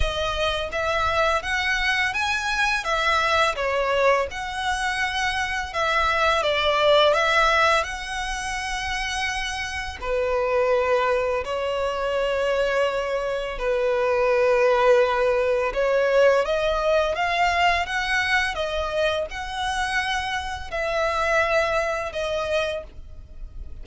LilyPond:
\new Staff \with { instrumentName = "violin" } { \time 4/4 \tempo 4 = 84 dis''4 e''4 fis''4 gis''4 | e''4 cis''4 fis''2 | e''4 d''4 e''4 fis''4~ | fis''2 b'2 |
cis''2. b'4~ | b'2 cis''4 dis''4 | f''4 fis''4 dis''4 fis''4~ | fis''4 e''2 dis''4 | }